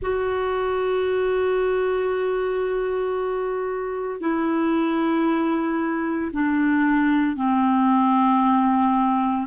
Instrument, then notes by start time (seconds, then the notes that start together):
clarinet
0.02 F#4
4.20 E4
6.32 D4
7.36 C4